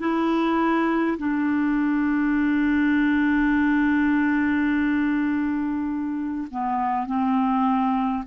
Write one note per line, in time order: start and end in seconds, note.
0.00 1.18 E4
1.19 6.48 D4
6.51 7.07 B3
7.07 8.25 C4